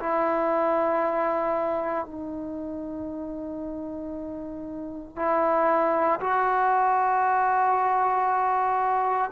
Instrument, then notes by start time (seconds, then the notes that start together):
trombone
0.00 E4
2.05 D#4
5.16 E4
6.20 F#4